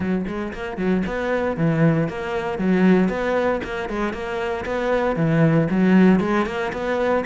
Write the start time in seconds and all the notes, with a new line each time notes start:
0.00 F#3
0.27 G#3
0.53 A#3
0.77 F#3
1.06 B3
1.56 E3
2.08 A#3
2.58 F#3
3.08 B3
3.64 A#3
3.89 G#3
4.13 A#3
4.65 B3
5.16 E3
5.70 F#3
6.20 G#3
6.46 A#3
6.72 B3